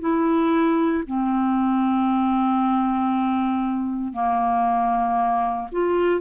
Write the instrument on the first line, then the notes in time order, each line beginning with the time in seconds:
clarinet
0.00 E4
1.06 C4
4.13 A#3
5.71 F4